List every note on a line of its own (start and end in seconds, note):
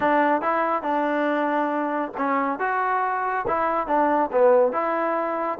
0.00 0.41 D4
0.41 0.82 E4
0.82 2.12 D4
2.17 2.59 C#4
2.59 3.45 F#4
3.47 3.87 E4
3.87 4.30 D4
4.32 4.72 B3
4.72 5.58 E4